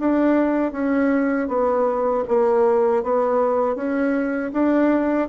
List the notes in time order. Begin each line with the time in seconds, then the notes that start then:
0.00 D4
0.72 C#4
1.48 B3
2.29 A#3
3.03 B3
3.76 C#4
4.53 D4